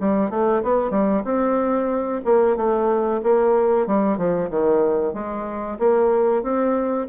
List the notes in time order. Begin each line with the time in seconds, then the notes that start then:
0.00 G3
0.30 A3
0.63 B3
0.91 G3
1.25 C4
2.25 A#3
2.57 A3
3.23 A#3
3.87 G3
4.18 F3
4.50 D#3
5.14 G#3
5.79 A#3
6.43 C4